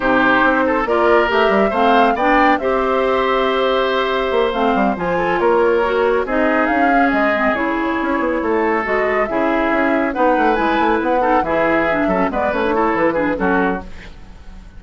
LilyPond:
<<
  \new Staff \with { instrumentName = "flute" } { \time 4/4 \tempo 4 = 139 c''2 d''4 e''4 | f''4 g''4 e''2~ | e''2~ e''8 f''4 gis''8~ | gis''8 cis''2 dis''4 f''8~ |
f''8 dis''4 cis''2~ cis''8~ | cis''8 dis''4 e''2 fis''8~ | fis''8 gis''4 fis''4 e''4.~ | e''8 d''8 cis''4 b'4 a'4 | }
  \new Staff \with { instrumentName = "oboe" } { \time 4/4 g'4. a'8 ais'2 | c''4 d''4 c''2~ | c''1 | a'8 ais'2 gis'4.~ |
gis'2.~ gis'8 a'8~ | a'4. gis'2 b'8~ | b'2 a'8 gis'4. | a'8 b'4 a'4 gis'8 fis'4 | }
  \new Staff \with { instrumentName = "clarinet" } { \time 4/4 dis'2 f'4 g'4 | c'4 d'4 g'2~ | g'2~ g'8 c'4 f'8~ | f'4. fis'4 dis'4. |
cis'4 c'8 e'2~ e'8~ | e'8 fis'4 e'2 dis'8~ | dis'8 e'4. dis'8 e'4 d'8 | cis'8 b8 cis'16 d'16 e'4 d'8 cis'4 | }
  \new Staff \with { instrumentName = "bassoon" } { \time 4/4 c4 c'4 ais4 a8 g8 | a4 b4 c'2~ | c'2 ais8 a8 g8 f8~ | f8 ais2 c'4 cis'8~ |
cis'8 gis4 cis4 cis'8 b8 a8~ | a8 gis4 cis4 cis'4 b8 | a8 gis8 a8 b4 e4. | fis8 gis8 a4 e4 fis4 | }
>>